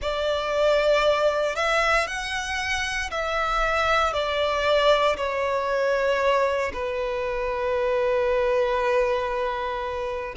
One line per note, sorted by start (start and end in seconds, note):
0.01 1.55 D5
1.55 2.07 E5
2.07 3.10 F#5
3.10 4.13 E5
4.13 5.16 D5
5.17 6.72 C#5
6.73 10.35 B4